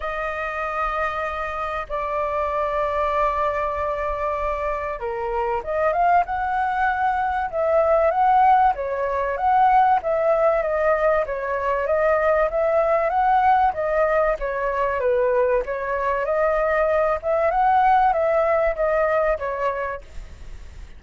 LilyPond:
\new Staff \with { instrumentName = "flute" } { \time 4/4 \tempo 4 = 96 dis''2. d''4~ | d''1 | ais'4 dis''8 f''8 fis''2 | e''4 fis''4 cis''4 fis''4 |
e''4 dis''4 cis''4 dis''4 | e''4 fis''4 dis''4 cis''4 | b'4 cis''4 dis''4. e''8 | fis''4 e''4 dis''4 cis''4 | }